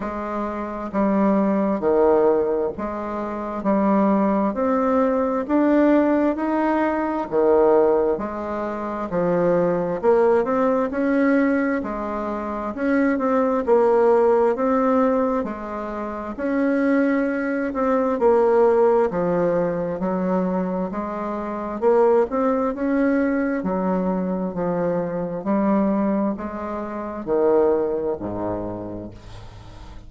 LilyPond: \new Staff \with { instrumentName = "bassoon" } { \time 4/4 \tempo 4 = 66 gis4 g4 dis4 gis4 | g4 c'4 d'4 dis'4 | dis4 gis4 f4 ais8 c'8 | cis'4 gis4 cis'8 c'8 ais4 |
c'4 gis4 cis'4. c'8 | ais4 f4 fis4 gis4 | ais8 c'8 cis'4 fis4 f4 | g4 gis4 dis4 gis,4 | }